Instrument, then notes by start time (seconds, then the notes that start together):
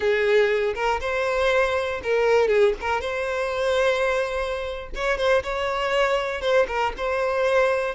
violin
0.00 G#4
0.74 A#4
1.00 C5
2.03 A#4
2.48 G#4
2.81 A#4
3.00 C5
4.95 C#5
5.17 C5
5.43 C#5
6.41 C5
6.67 A#4
6.97 C5